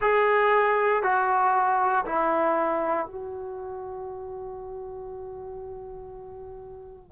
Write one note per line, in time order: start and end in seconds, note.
0.01 1.03 G#4
1.03 2.04 F#4
2.05 3.06 E4
3.06 7.11 F#4